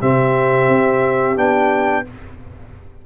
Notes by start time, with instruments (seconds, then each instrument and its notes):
0.00 tuba C3, trombone C4, horn G4, trumpet E5
0.68 tuba C4
1.36 tuba B3, trombone D4, trumpet G5